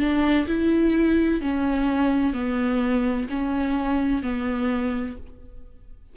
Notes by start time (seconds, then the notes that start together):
0.00 D4
0.48 E4
1.42 C#4
2.34 B3
3.30 C#4
4.23 B3